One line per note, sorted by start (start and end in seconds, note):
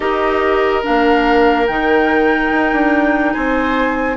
0.00 0.83 D#4
0.00 0.82 G4
0.00 3.33 A#4
0.00 0.83 D#5
0.82 1.68 A#3
0.82 1.66 D4
0.82 1.66 F5
1.66 2.50 D#3
1.66 4.16 D#4
1.66 3.32 G5
2.50 2.71 D#4
2.72 3.35 D4
3.32 4.16 C4
3.32 4.16 C5
3.32 4.16 G#5